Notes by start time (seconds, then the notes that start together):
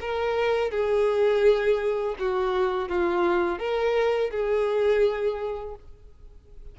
0.00 A#4
0.71 G#4
2.19 F#4
2.88 F4
3.58 A#4
4.30 G#4